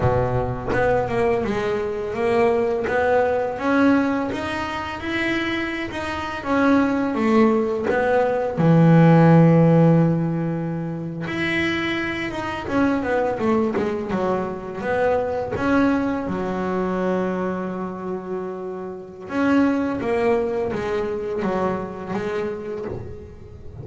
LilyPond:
\new Staff \with { instrumentName = "double bass" } { \time 4/4 \tempo 4 = 84 b,4 b8 ais8 gis4 ais4 | b4 cis'4 dis'4 e'4~ | e'16 dis'8. cis'4 a4 b4 | e2.~ e8. e'16~ |
e'4~ e'16 dis'8 cis'8 b8 a8 gis8 fis16~ | fis8. b4 cis'4 fis4~ fis16~ | fis2. cis'4 | ais4 gis4 fis4 gis4 | }